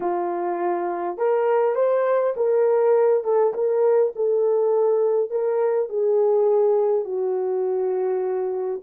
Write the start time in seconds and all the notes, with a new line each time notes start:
0.00 F4
1.17 A#4
1.75 C5
2.36 A#4
3.24 A4
3.53 A#4
4.15 A4
5.30 A#4
5.89 G#4
7.04 F#4